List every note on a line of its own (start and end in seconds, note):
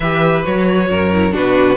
0.00 0.44 E3
0.00 0.43 G4
0.00 0.89 B4
0.00 0.43 E5
0.43 0.90 F#3
0.43 1.10 F#4
0.43 1.35 C#5
0.89 1.35 F#2
0.89 1.33 A#4
1.13 1.31 E4
1.31 1.77 B2
1.31 1.75 D4
1.31 1.77 F#4
1.31 1.77 B4